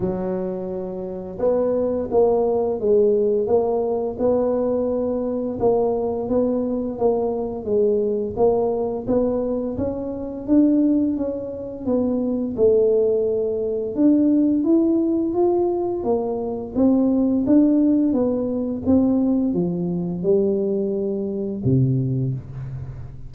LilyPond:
\new Staff \with { instrumentName = "tuba" } { \time 4/4 \tempo 4 = 86 fis2 b4 ais4 | gis4 ais4 b2 | ais4 b4 ais4 gis4 | ais4 b4 cis'4 d'4 |
cis'4 b4 a2 | d'4 e'4 f'4 ais4 | c'4 d'4 b4 c'4 | f4 g2 c4 | }